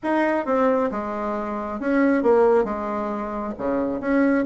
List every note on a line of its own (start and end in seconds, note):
0.03 0.45 D#4
0.45 0.90 C4
0.91 1.79 G#3
1.79 2.22 C#4
2.22 2.64 A#3
2.64 3.53 G#3
3.57 4.00 C#3
4.00 4.44 C#4